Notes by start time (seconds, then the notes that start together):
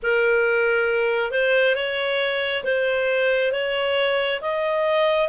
0.02 A#4
1.31 C5
1.75 C#5
2.64 C5
3.52 C#5
4.41 D#5